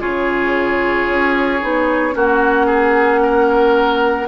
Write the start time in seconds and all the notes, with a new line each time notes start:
0.00 C#3 F4 G#4 C#5
1.08 C#4
1.62 B3 D#4
2.12 A#3 C#4 F#4 F#5
2.67 G#4
3.23 A#4